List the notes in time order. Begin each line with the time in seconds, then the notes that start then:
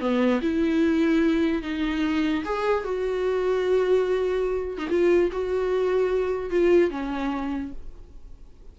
0.00 B3
0.42 E4
1.63 D#4
2.45 G#4
2.85 F#4
4.78 D#4
4.90 F4
5.32 F#4
6.51 F4
6.91 C#4